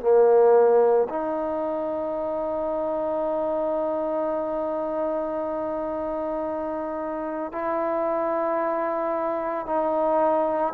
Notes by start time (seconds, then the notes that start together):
0.00 A#3
1.09 D#4
7.52 E4
9.66 D#4